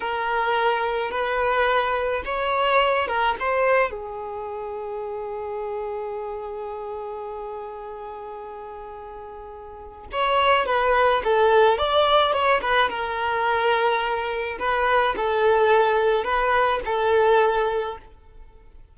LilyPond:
\new Staff \with { instrumentName = "violin" } { \time 4/4 \tempo 4 = 107 ais'2 b'2 | cis''4. ais'8 c''4 gis'4~ | gis'1~ | gis'1~ |
gis'2 cis''4 b'4 | a'4 d''4 cis''8 b'8 ais'4~ | ais'2 b'4 a'4~ | a'4 b'4 a'2 | }